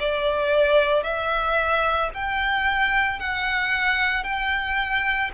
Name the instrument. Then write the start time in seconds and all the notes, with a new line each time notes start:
violin
0.00 D5
1.03 E5
2.14 G5
3.20 F#5
4.24 G5